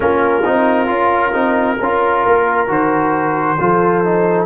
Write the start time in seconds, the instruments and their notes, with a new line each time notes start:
0.00 tuba A#3, trombone C#4, horn F4, trumpet A#4
0.44 tuba C4, trombone D#4
0.87 tuba C#4, trombone F4
1.32 tuba C4, trombone D#4
1.77 tuba C#4, trombone F4, horn A#4
2.26 tuba A#3
2.67 tuba D#3, trombone F#4, trumpet C5
3.59 tuba F3, trombone F4, horn A4
4.04 trombone D#4